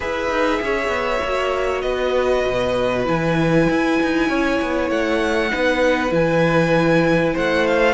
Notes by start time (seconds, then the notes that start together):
0.00 E4 G#4 B4 E5
0.29 D#4
0.62 C#4 C#5
0.88 B3
1.23 A#3 F#4
1.81 B3 B4 D#5
2.46 B2
3.03 E3 E4 G#5
3.69 E4
4.02 D#4
4.29 C#4 C#5
4.61 B3
4.90 A3 F#5
5.50 B3 D#4 B4
6.10 E3 E4 G#5
7.33 A3 C5 F#5
7.67 F5